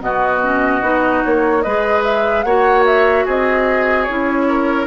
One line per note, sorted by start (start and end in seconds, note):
0.00 0.81 B2
0.00 0.41 B3
0.00 1.64 F#4
0.00 1.23 D#5
0.42 0.81 C#4
0.81 1.22 B3
0.81 1.62 D#4
1.24 1.65 A#3
1.24 1.62 C#5
1.62 2.44 G#3
1.62 2.46 G#4
1.62 2.45 B4
1.62 2.02 D#5
2.04 2.43 E5
2.43 3.25 A#3
2.43 4.08 F#4
2.43 3.25 C#5
2.43 2.83 F#5
2.85 3.26 E5
3.25 4.08 C4
3.25 4.46 G#4
3.25 4.03 D#5
4.03 4.87 C#4
4.03 4.87 E4
4.03 4.84 C#5
4.48 4.87 A#4